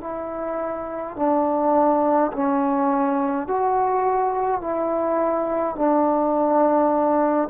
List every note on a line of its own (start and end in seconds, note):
0.00 1.15 E4
1.15 2.31 D4
2.32 3.47 C#4
3.47 4.60 F#4
4.60 5.75 E4
5.75 7.48 D4